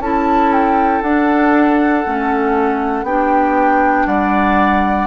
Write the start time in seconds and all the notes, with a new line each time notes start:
0.00 C#4 E4 A4 A5
0.52 G5
1.03 D4 F#5
2.05 A3 C#4
3.04 B3 D4 G4 G5
4.07 G3 D5 F#5